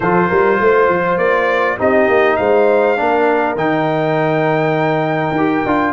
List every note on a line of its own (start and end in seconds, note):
0.00 0.29 F3
0.00 1.78 F4
0.00 0.28 A4
0.00 1.17 C5
0.28 0.60 G3
0.28 0.58 A#4
0.60 0.88 A3
0.60 1.77 C5
0.88 1.17 F3
1.17 1.77 A#3
1.17 1.77 D5
1.77 2.08 C4
1.77 2.97 D#4
1.77 2.37 G4
1.77 2.36 D#5
2.08 2.37 A#3
2.36 2.99 G#3
2.36 2.97 C5
2.36 3.55 F5
2.97 3.55 A#3
2.97 3.56 D4
2.97 5.93 A#4
3.55 5.31 D#3
3.55 5.35 D#4
3.55 5.93 G5
5.31 5.61 D#4
5.37 5.66 G4
5.65 5.93 D4
5.65 5.93 F4